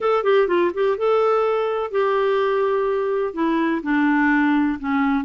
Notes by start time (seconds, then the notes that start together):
0.00 A4
0.23 G4
0.47 F4
0.74 G4
0.97 A4
1.91 G4
3.33 E4
3.82 D4
4.79 C#4